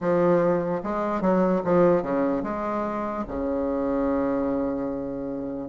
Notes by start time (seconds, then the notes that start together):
0.00 F3
0.83 G#3
1.21 F#3
1.64 F3
2.02 C#3
2.43 G#3
3.27 C#3